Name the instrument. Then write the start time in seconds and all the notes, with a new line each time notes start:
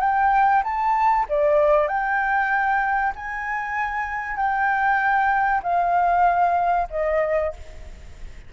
flute
0.00 G5
0.64 A5
1.29 D5
1.88 G5
3.15 G#5
4.36 G5
5.63 F5
6.90 D#5